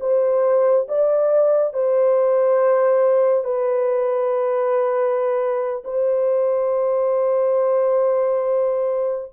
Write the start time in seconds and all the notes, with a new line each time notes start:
0.00 C5
0.88 D5
1.73 C5
3.44 B4
5.84 C5